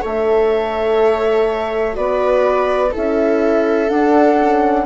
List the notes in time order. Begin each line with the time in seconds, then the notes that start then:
0.00 A3 A4 C#5 E5
1.93 B3 F#4 B4 D5
2.91 C#4 E4 A4 E5
3.88 D4 F#5
4.40 C#4